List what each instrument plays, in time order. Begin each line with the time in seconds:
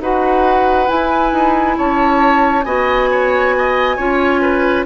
0.00 bassoon D#4, clarinet F#4, oboe B4, flute F#5
0.87 clarinet E4, bassoon E4, flute G#5
1.33 bassoon D#4
1.77 bassoon C#4, oboe C#5, flute A5
2.63 bassoon B3, clarinet F#4, oboe D#5, flute G#5
3.12 oboe C#5
3.58 oboe D#5
3.97 bassoon C#4, clarinet F4, oboe C#5
4.42 oboe B4